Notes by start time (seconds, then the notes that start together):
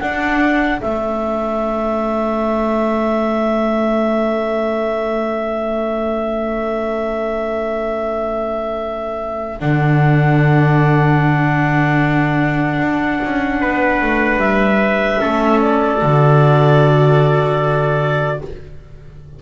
0.00 D4 A4 F#5
0.78 A3 C#4 E5
9.60 D3 D4 F#5
12.80 D4
13.24 C#4
13.60 B3 B4
14.02 A3
14.37 G3 E5
15.19 A3 C#4 A4
15.62 D5
16.00 D3 F#4